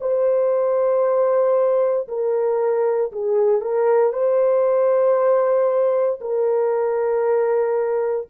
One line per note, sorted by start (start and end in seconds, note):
0.00 2.07 C5
2.08 3.11 A#4
3.12 3.61 G#4
3.61 4.12 A#4
4.12 6.19 C5
6.20 8.27 A#4